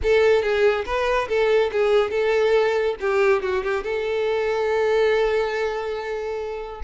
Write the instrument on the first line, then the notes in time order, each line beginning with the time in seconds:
violin
0.02 A4
0.42 G#4
0.85 B4
1.28 A4
1.71 G#4
2.10 A4
3.00 G4
3.42 F#4
3.63 G4
3.83 A4